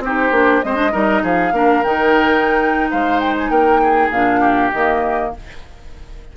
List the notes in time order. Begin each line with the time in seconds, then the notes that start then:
0.00 C4 G4 C5
0.06 D#4
0.31 A#3 D4
0.63 G#3 C4 C5 D#5
0.75 D4
0.92 G3 D#4 A#4
1.23 F3 G#4 F5
1.52 A#3 D4 A#4
1.84 D#3 D#4 G5
2.91 G#3 C5 F5
3.20 G5
3.39 G#5
3.50 A#3 A#4 G5
3.82 G#4
4.11 A#2 D4 F5
4.41 G4
4.73 D#3 A#3 D#5